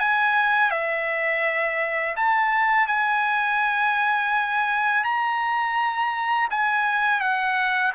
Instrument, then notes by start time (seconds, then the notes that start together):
trumpet
0.00 G#5
0.71 E5
2.16 A5
2.88 G#5
5.04 A#5
6.51 G#5
7.21 F#5